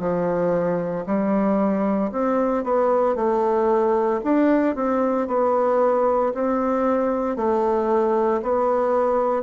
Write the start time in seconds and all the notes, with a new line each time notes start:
0.00 F3
1.07 G3
2.12 C4
2.64 B3
3.16 A3
4.24 D4
4.76 C4
5.28 B3
6.35 C4
7.36 A3
8.43 B3